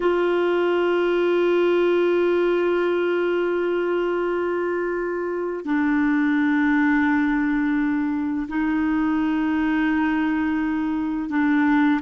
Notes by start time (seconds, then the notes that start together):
0.00 F4
5.64 D4
8.48 D#4
11.29 D4